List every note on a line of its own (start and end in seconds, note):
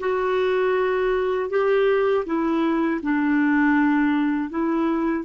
0.00 1.50 F#4
1.50 2.25 G4
2.26 3.01 E4
3.03 4.50 D4
4.50 5.25 E4